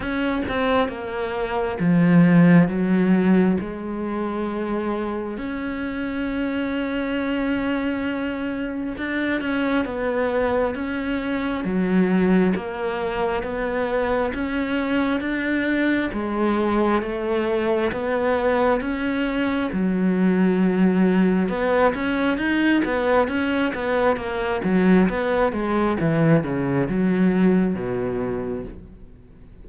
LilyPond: \new Staff \with { instrumentName = "cello" } { \time 4/4 \tempo 4 = 67 cis'8 c'8 ais4 f4 fis4 | gis2 cis'2~ | cis'2 d'8 cis'8 b4 | cis'4 fis4 ais4 b4 |
cis'4 d'4 gis4 a4 | b4 cis'4 fis2 | b8 cis'8 dis'8 b8 cis'8 b8 ais8 fis8 | b8 gis8 e8 cis8 fis4 b,4 | }